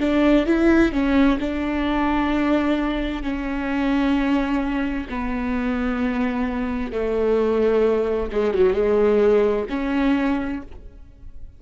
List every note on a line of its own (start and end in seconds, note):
0.00 0.46 D4
0.46 0.92 E4
0.93 1.39 C#4
1.40 3.23 D4
3.23 5.08 C#4
5.10 6.92 B3
6.92 8.31 A3
8.32 8.55 G#3
8.55 8.74 F#3
8.74 9.66 G#3
9.70 10.62 C#4